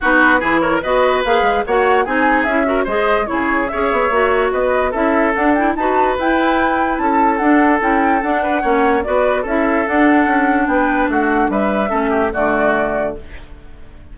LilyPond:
<<
  \new Staff \with { instrumentName = "flute" } { \time 4/4 \tempo 4 = 146 b'4. cis''8 dis''4 f''4 | fis''4 gis''4 e''4 dis''4 | cis''4 e''2 dis''4 | e''4 fis''8 g''8 a''4 g''4~ |
g''4 a''4 fis''4 g''4 | fis''2 d''4 e''4 | fis''2 g''4 fis''4 | e''2 d''2 | }
  \new Staff \with { instrumentName = "oboe" } { \time 4/4 fis'4 gis'8 ais'8 b'2 | cis''4 gis'4. ais'8 c''4 | gis'4 cis''2 b'4 | a'2 b'2~ |
b'4 a'2.~ | a'8 b'8 cis''4 b'4 a'4~ | a'2 b'4 fis'4 | b'4 a'8 g'8 fis'2 | }
  \new Staff \with { instrumentName = "clarinet" } { \time 4/4 dis'4 e'4 fis'4 gis'4 | fis'4 dis'4 e'8 fis'8 gis'4 | e'4 gis'4 fis'2 | e'4 d'8 e'8 fis'4 e'4~ |
e'2 d'4 e'4 | d'4 cis'4 fis'4 e'4 | d'1~ | d'4 cis'4 a2 | }
  \new Staff \with { instrumentName = "bassoon" } { \time 4/4 b4 e4 b4 ais8 gis8 | ais4 c'4 cis'4 gis4 | cis4 cis'8 b8 ais4 b4 | cis'4 d'4 dis'4 e'4~ |
e'4 cis'4 d'4 cis'4 | d'4 ais4 b4 cis'4 | d'4 cis'4 b4 a4 | g4 a4 d2 | }
>>